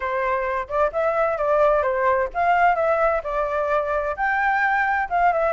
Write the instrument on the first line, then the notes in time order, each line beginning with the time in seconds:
flute
0.00 C5
0.68 D5
0.92 E5
1.37 D5
1.82 C5
2.33 F5
2.75 E5
3.23 D5
4.16 G5
5.09 F5
5.32 E5